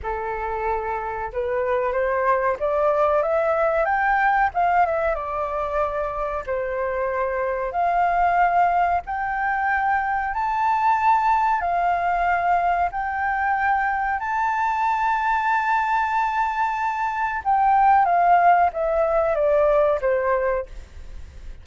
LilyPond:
\new Staff \with { instrumentName = "flute" } { \time 4/4 \tempo 4 = 93 a'2 b'4 c''4 | d''4 e''4 g''4 f''8 e''8 | d''2 c''2 | f''2 g''2 |
a''2 f''2 | g''2 a''2~ | a''2. g''4 | f''4 e''4 d''4 c''4 | }